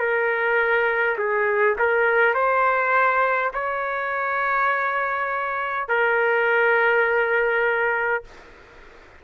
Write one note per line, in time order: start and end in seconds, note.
0.00 1.18 A#4
1.18 1.77 G#4
1.80 2.35 A#4
2.35 3.52 C5
3.54 5.89 C#5
5.89 8.24 A#4